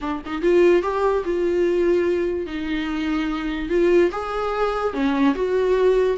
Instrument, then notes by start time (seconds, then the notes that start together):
viola
0.01 D4
0.25 D#4
0.41 F4
0.82 G4
1.24 F4
2.46 D#4
3.69 F4
4.11 G#4
4.93 C#4
5.35 F#4